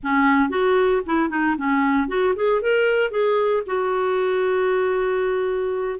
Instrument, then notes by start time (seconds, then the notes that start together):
clarinet
0.03 C#4
0.49 F#4
1.06 E4
1.29 D#4
1.57 C#4
2.08 F#4
2.35 G#4
2.61 A#4
3.10 G#4
3.66 F#4